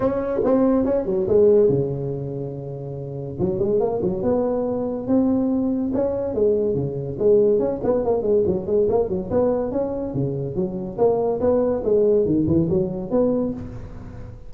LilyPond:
\new Staff \with { instrumentName = "tuba" } { \time 4/4 \tempo 4 = 142 cis'4 c'4 cis'8 fis8 gis4 | cis1 | fis8 gis8 ais8 fis8 b2 | c'2 cis'4 gis4 |
cis4 gis4 cis'8 b8 ais8 gis8 | fis8 gis8 ais8 fis8 b4 cis'4 | cis4 fis4 ais4 b4 | gis4 dis8 e8 fis4 b4 | }